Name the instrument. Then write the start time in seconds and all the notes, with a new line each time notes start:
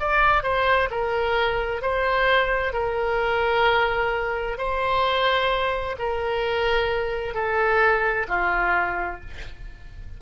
oboe
0.00 D5
0.43 C5
0.91 A#4
1.82 C5
2.73 A#4
4.58 C5
5.99 A#4
7.34 A4
8.29 F4